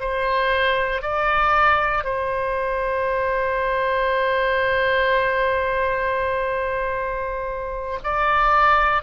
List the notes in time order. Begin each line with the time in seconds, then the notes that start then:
0.00 C5
1.02 D5
2.04 C5
8.04 D5